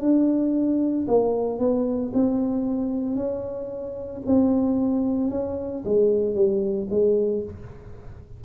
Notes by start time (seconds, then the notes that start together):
0.00 D4
1.07 A#3
1.59 B3
2.13 C4
3.15 C#4
4.26 C4
5.30 C#4
5.85 G#3
6.34 G3
6.90 G#3